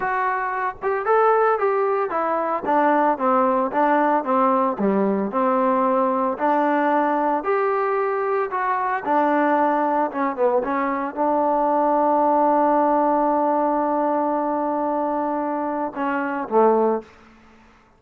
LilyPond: \new Staff \with { instrumentName = "trombone" } { \time 4/4 \tempo 4 = 113 fis'4. g'8 a'4 g'4 | e'4 d'4 c'4 d'4 | c'4 g4 c'2 | d'2 g'2 |
fis'4 d'2 cis'8 b8 | cis'4 d'2.~ | d'1~ | d'2 cis'4 a4 | }